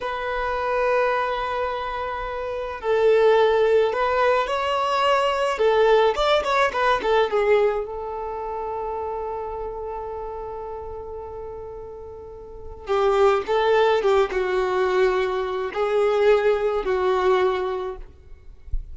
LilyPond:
\new Staff \with { instrumentName = "violin" } { \time 4/4 \tempo 4 = 107 b'1~ | b'4 a'2 b'4 | cis''2 a'4 d''8 cis''8 | b'8 a'8 gis'4 a'2~ |
a'1~ | a'2. g'4 | a'4 g'8 fis'2~ fis'8 | gis'2 fis'2 | }